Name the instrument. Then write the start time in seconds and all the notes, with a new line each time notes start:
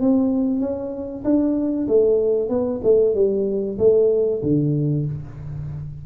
tuba
0.00 C4
0.60 C#4
1.24 D4
1.87 A3
2.49 B3
2.83 A3
3.14 G3
3.78 A3
4.42 D3